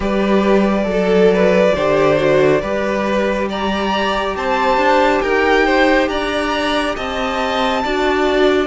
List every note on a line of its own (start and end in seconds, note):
0.00 0.85 G3
0.00 0.84 G4
0.00 0.87 B4
0.00 3.49 D5
0.84 1.72 F#3
0.84 1.71 A4
0.90 1.34 A4
1.34 1.74 B4
1.74 2.61 D3
1.74 2.17 G4
1.74 2.61 C5
2.17 2.60 F#4
2.61 4.35 G3
2.61 7.83 G4
2.61 3.48 B4
3.49 4.36 D5
3.49 4.36 A#5
4.36 4.77 C4
4.36 5.22 C5
4.36 5.21 A5
4.77 5.20 D4
5.21 6.08 D#4
5.21 5.65 A#4
5.21 6.08 G5
5.65 6.09 C5
6.08 6.95 D4
6.08 6.95 D5
6.08 6.95 A#5
6.95 7.84 C4
6.95 7.82 D#5
6.95 8.67 A5
7.83 8.67 D4
7.83 8.67 F#4
7.83 8.67 D5